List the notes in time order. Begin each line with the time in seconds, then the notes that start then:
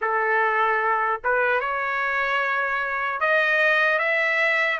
0.01 A4
1.24 B4
1.60 C#5
3.20 D#5
3.98 E5